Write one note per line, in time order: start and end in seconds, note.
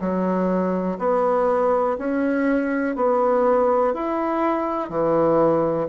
0.00 0.98 F#3
0.99 1.97 B3
1.99 2.96 C#4
2.96 3.94 B3
3.94 4.90 E4
4.90 5.88 E3